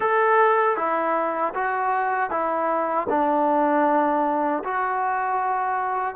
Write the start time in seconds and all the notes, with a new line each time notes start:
0.00 A4
0.76 E4
1.54 F#4
2.30 E4
3.09 D4
4.64 F#4